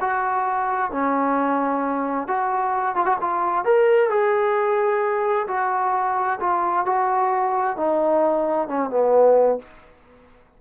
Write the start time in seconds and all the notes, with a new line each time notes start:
0.00 F#4
0.91 C#4
2.27 F#4
2.95 F4
3.05 F#4
3.20 F4
3.64 A#4
4.09 G#4
5.48 F#4
6.40 F4
6.85 F#4
7.77 D#4
8.68 C#4
8.90 B3